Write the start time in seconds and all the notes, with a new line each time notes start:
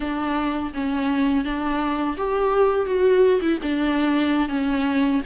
0.00 D4
0.74 C#4
1.44 D4
2.17 G4
2.86 F#4
3.41 E4
3.62 D4
4.49 C#4